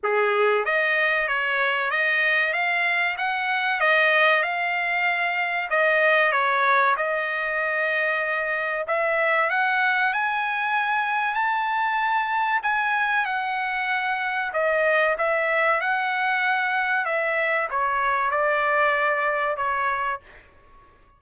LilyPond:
\new Staff \with { instrumentName = "trumpet" } { \time 4/4 \tempo 4 = 95 gis'4 dis''4 cis''4 dis''4 | f''4 fis''4 dis''4 f''4~ | f''4 dis''4 cis''4 dis''4~ | dis''2 e''4 fis''4 |
gis''2 a''2 | gis''4 fis''2 dis''4 | e''4 fis''2 e''4 | cis''4 d''2 cis''4 | }